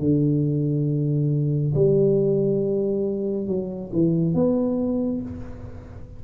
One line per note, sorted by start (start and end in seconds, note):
0.00 1.74 D3
1.75 3.47 G3
3.47 3.91 F#3
3.93 4.35 E3
4.35 5.22 B3